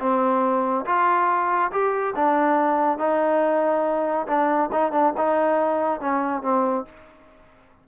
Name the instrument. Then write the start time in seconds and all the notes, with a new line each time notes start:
trombone
0.00 C4
0.86 F4
1.72 G4
2.16 D4
2.99 D#4
4.28 D4
4.73 D#4
4.92 D4
5.18 D#4
6.01 C#4
6.43 C4